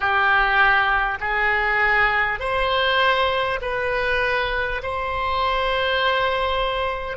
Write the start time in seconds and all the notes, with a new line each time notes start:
0.00 G4
1.20 G#4
2.39 C5
3.61 B4
4.82 C5